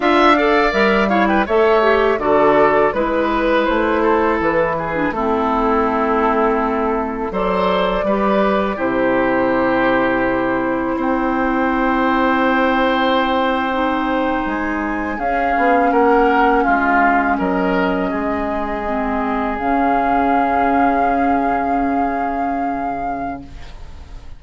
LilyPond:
<<
  \new Staff \with { instrumentName = "flute" } { \time 4/4 \tempo 4 = 82 f''4 e''8 f''16 g''16 e''4 d''4 | b'4 c''4 b'4 a'4~ | a'2 d''2 | c''2. g''4~ |
g''2.~ g''8. gis''16~ | gis''8. f''4 fis''4 f''4 dis''16~ | dis''2~ dis''8. f''4~ f''16~ | f''1 | }
  \new Staff \with { instrumentName = "oboe" } { \time 4/4 e''8 d''4 cis''16 b'16 cis''4 a'4 | b'4. a'4 gis'8 e'4~ | e'2 c''4 b'4 | g'2. c''4~ |
c''1~ | c''8. gis'4 ais'4 f'4 ais'16~ | ais'8. gis'2.~ gis'16~ | gis'1 | }
  \new Staff \with { instrumentName = "clarinet" } { \time 4/4 f'8 a'8 ais'8 e'8 a'8 g'8 fis'4 | e'2~ e'8. d'16 c'4~ | c'2 a'4 g'4 | e'1~ |
e'2~ e'8. dis'4~ dis'16~ | dis'8. cis'2.~ cis'16~ | cis'4.~ cis'16 c'4 cis'4~ cis'16~ | cis'1 | }
  \new Staff \with { instrumentName = "bassoon" } { \time 4/4 d'4 g4 a4 d4 | gis4 a4 e4 a4~ | a2 fis4 g4 | c2. c'4~ |
c'2.~ c'8. gis16~ | gis8. cis'8 b8 ais4 gis4 fis16~ | fis8. gis2 cis4~ cis16~ | cis1 | }
>>